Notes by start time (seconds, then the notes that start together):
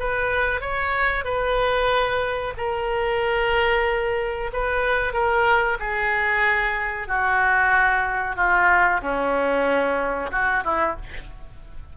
0.00 B4
0.61 C#5
1.25 B4
2.57 A#4
4.53 B4
5.13 A#4
5.80 G#4
7.08 F#4
8.36 F4
9.02 C#4
10.31 F#4
10.64 E4